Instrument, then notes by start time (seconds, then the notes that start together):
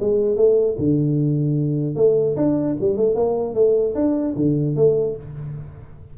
tuba
0.00 G#3
0.36 A3
0.79 D3
1.95 A3
2.37 D4
2.80 G3
2.97 A3
3.15 A#3
3.54 A3
3.95 D4
4.36 D3
4.76 A3